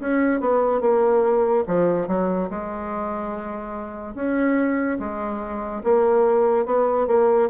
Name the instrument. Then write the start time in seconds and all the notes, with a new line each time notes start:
bassoon
0.00 C#4
0.40 B3
0.81 A#3
1.67 F3
2.08 F#3
2.50 G#3
4.14 C#4
4.99 G#3
5.83 A#3
6.66 B3
7.07 A#3